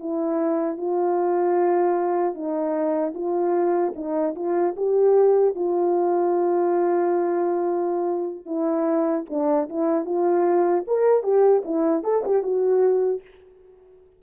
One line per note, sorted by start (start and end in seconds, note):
0.00 0.78 E4
0.78 2.35 F4
2.35 3.14 D#4
3.15 3.94 F4
3.96 4.35 D#4
4.36 4.75 F4
4.77 5.56 G4
5.56 8.46 F4
8.46 9.25 E4
9.30 9.69 D4
9.70 10.06 E4
10.06 10.84 F4
10.87 11.24 A#4
11.24 11.63 G4
11.65 12.04 E4
12.04 12.24 A4
12.25 12.43 G4
12.43 13.22 F#4